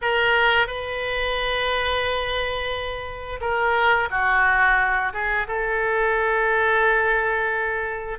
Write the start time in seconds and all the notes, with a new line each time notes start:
0.01 A#4
0.67 B4
3.40 A#4
4.10 F#4
5.13 G#4
5.47 A4